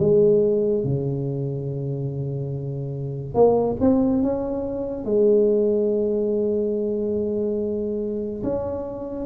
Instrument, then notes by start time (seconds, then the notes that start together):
tuba
0.00 G#3
0.84 C#3
3.34 A#3
3.81 C4
4.23 C#4
5.05 G#3
8.43 C#4